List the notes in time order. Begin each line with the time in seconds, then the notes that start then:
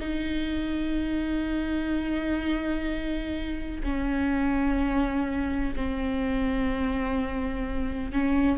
0.00 D#4
3.84 C#4
5.76 C4
8.13 C#4